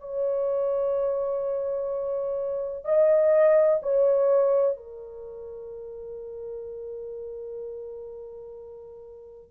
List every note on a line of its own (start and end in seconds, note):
0.00 2.84 C#5
2.84 3.80 D#5
3.82 4.76 C#5
4.76 9.51 A#4